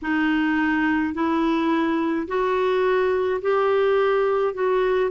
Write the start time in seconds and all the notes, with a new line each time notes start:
0.02 D#4
1.14 E4
2.27 F#4
3.41 G4
4.54 F#4